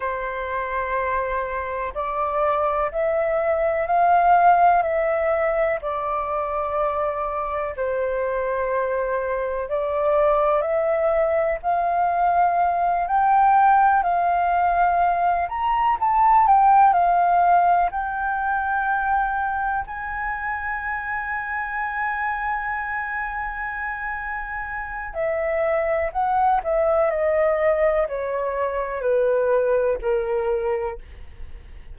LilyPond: \new Staff \with { instrumentName = "flute" } { \time 4/4 \tempo 4 = 62 c''2 d''4 e''4 | f''4 e''4 d''2 | c''2 d''4 e''4 | f''4. g''4 f''4. |
ais''8 a''8 g''8 f''4 g''4.~ | g''8 gis''2.~ gis''8~ | gis''2 e''4 fis''8 e''8 | dis''4 cis''4 b'4 ais'4 | }